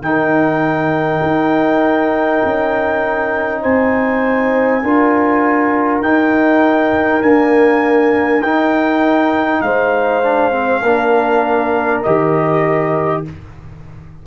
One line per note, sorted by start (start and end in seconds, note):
0.00 1.20 D#3
0.00 4.83 D#4
0.00 3.62 A#4
0.00 3.62 G5
1.22 2.42 D#4
2.44 3.64 C#4
3.62 4.83 C4
3.62 4.82 C5
3.62 6.02 G#5
4.83 6.00 D4
4.83 6.03 F4
4.83 9.63 A#4
6.00 7.20 D#4
6.00 7.22 D#4
6.00 7.22 G5
7.22 8.42 A#3
7.22 8.40 D4
7.22 8.42 G#5
8.40 9.61 D#4
8.40 10.23 D#4
8.40 9.61 G5
9.61 10.82 G#3
9.61 10.83 C5
9.61 12.01 F5
10.23 10.52 D4
10.52 10.82 C4
10.82 12.02 A#3
10.82 12.05 D4
10.82 13.22 A#4
12.03 13.26 D#3
12.03 13.25 G4
12.03 13.22 D#5